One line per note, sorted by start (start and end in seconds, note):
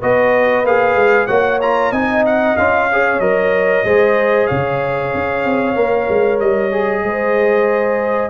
0.00 0.64 B3
0.00 0.65 F#4
0.00 1.27 B4
0.00 0.66 D#5
0.64 0.95 A#3
0.64 1.29 G#4
0.64 1.27 F5
0.95 1.27 G#3
1.27 1.91 A#3
1.27 1.61 F#4
1.27 1.91 C#5
1.27 1.59 F#5
1.62 1.94 F4
1.62 1.92 A#5
1.91 2.55 C4
1.91 2.58 D#4
1.91 2.87 D#5
1.91 2.24 G#5
2.26 2.57 F#5
2.57 3.19 C#4
2.57 2.91 F4
2.57 3.20 F5
2.92 3.21 G#4
2.92 3.86 C#5
3.19 3.83 F#3
3.19 3.85 A#4
3.19 4.47 D#5
3.84 4.48 G#3
3.84 5.76 G#4
3.84 4.48 C5
4.47 5.14 C#3
4.47 7.03 C#5
4.47 6.39 F5
5.14 5.45 C#4
5.45 5.76 C4
5.76 6.08 A#3
5.76 6.71 A#4
6.09 6.40 G#3
6.40 7.04 G3
6.40 8.30 D#5
6.72 8.30 G#4
7.04 8.30 G#3
7.04 8.30 C5